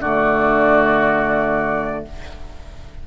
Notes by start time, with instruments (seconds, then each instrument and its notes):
0.00 bassoon D3, clarinet A3, oboe F#4, flute D5